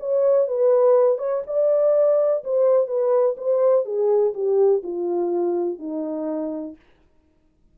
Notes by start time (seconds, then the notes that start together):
0.00 C#5
0.48 B4
1.19 C#5
1.47 D5
2.45 C5
2.88 B4
3.38 C5
3.86 G#4
4.34 G4
4.84 F4
5.79 D#4